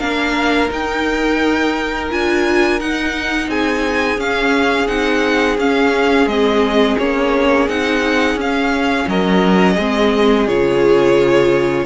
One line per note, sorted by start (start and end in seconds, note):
0.00 0.70 A#3
0.00 0.69 D4
0.00 3.49 A#4
0.00 0.70 F5
0.69 2.08 D#4
0.69 2.10 D#4
0.69 2.11 G5
2.11 2.80 D4
2.11 2.80 F4
2.11 2.80 G#5
2.80 4.17 D#4
2.80 3.48 D#4
2.80 3.50 F#5
3.48 4.18 C4
3.48 9.07 G#4
3.48 4.20 G#5
4.17 4.87 C#4
4.17 4.88 C#4
4.17 4.87 F5
4.87 5.57 C4
4.87 5.57 D#4
4.87 5.57 F#5
5.58 6.26 C#4
5.58 6.30 C#4
5.58 6.28 F5
6.26 6.96 G#3
6.26 6.99 C4
6.26 6.98 D#5
6.99 7.68 A#3
6.99 7.69 C#4
6.99 7.69 C#5
7.68 8.35 C4
7.68 8.39 D#4
7.68 8.39 F#5
8.35 9.05 C#4
8.35 9.79 C#4
8.35 9.09 F5
9.07 9.77 F#3
9.07 9.75 A#4
9.07 10.48 D#5
9.75 10.48 G#3
9.75 10.48 C4
9.75 11.84 G#4
10.48 11.85 C#3
10.48 11.85 F4
10.48 11.85 C#5